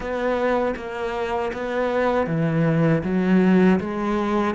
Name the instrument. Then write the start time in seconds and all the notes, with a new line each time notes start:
cello
0.00 B3
0.76 A#3
1.53 B3
2.26 E3
3.03 F#3
3.80 G#3